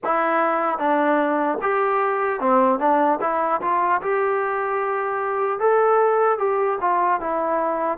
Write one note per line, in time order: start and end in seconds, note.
0.04 0.78 E4
0.78 1.58 D4
1.61 2.40 G4
2.40 2.79 C4
2.79 3.19 D4
3.20 3.60 E4
3.61 4.01 F4
4.01 5.59 G4
5.59 6.38 A4
6.38 6.78 G4
6.80 7.20 F4
7.20 7.97 E4